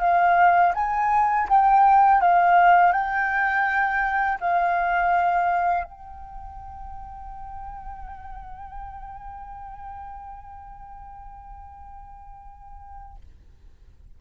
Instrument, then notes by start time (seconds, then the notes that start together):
flute
0.00 F5
0.75 G#5
1.49 G5
2.21 F5
2.92 G5
4.41 F5
5.84 G5